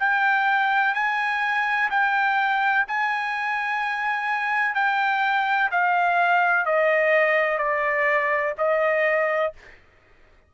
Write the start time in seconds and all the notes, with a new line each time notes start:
0.00 G5
0.95 G#5
1.90 G5
2.88 G#5
4.75 G5
5.71 F5
6.66 D#5
7.58 D5
8.58 D#5